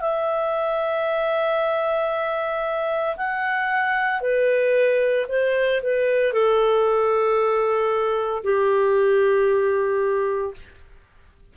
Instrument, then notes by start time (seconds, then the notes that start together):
clarinet
0.00 E5
3.16 F#5
4.21 B4
5.28 C5
5.82 B4
6.33 A4
8.43 G4